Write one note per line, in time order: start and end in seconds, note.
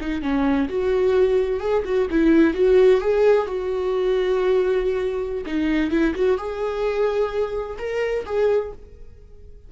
0.00 0.22 D#4
0.22 0.68 C#4
0.68 1.60 F#4
1.60 1.83 G#4
1.85 2.08 F#4
2.10 2.54 E4
2.54 3.00 F#4
3.01 3.47 G#4
3.47 5.44 F#4
5.46 5.90 D#4
5.90 6.14 E4
6.15 6.37 F#4
6.37 7.77 G#4
7.78 8.25 A#4
8.25 8.72 G#4